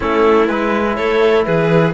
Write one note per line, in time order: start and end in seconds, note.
0.00 0.49 A3
0.00 0.48 C#4
0.00 0.94 E4
0.00 0.47 A4
0.47 0.97 G#3
0.47 1.93 E4
0.47 0.96 B4
0.96 1.46 A3
0.96 1.45 A4
0.96 1.45 C#5
1.45 1.93 E3
1.45 1.93 G#4
1.45 1.93 B4